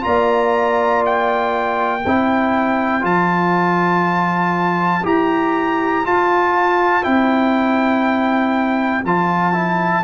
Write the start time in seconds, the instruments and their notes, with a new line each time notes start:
0.00 tuba A#3, trombone F4, horn D5, trumpet A#5
1.05 trumpet G5
2.05 tuba C4, trombone E4, horn C5
3.01 tuba F3, trombone F4, trumpet A5
5.04 tuba E4, trombone G4, trumpet A#5
6.04 trombone F4, tuba F4, trumpet A5
7.03 tuba C4, trombone E4, trumpet G5
9.04 tuba F3, trombone F4, trumpet A5
9.53 trombone E4